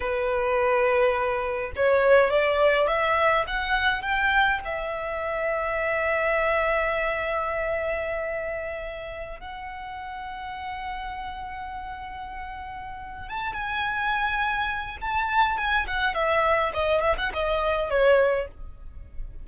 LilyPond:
\new Staff \with { instrumentName = "violin" } { \time 4/4 \tempo 4 = 104 b'2. cis''4 | d''4 e''4 fis''4 g''4 | e''1~ | e''1~ |
e''16 fis''2.~ fis''8.~ | fis''2. a''8 gis''8~ | gis''2 a''4 gis''8 fis''8 | e''4 dis''8 e''16 fis''16 dis''4 cis''4 | }